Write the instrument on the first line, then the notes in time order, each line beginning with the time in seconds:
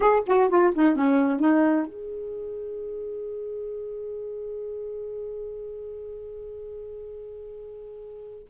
saxophone
0.00 G#4
0.26 F#4
0.49 F4
0.75 D#4
0.95 C#4
1.39 D#4
1.86 G#4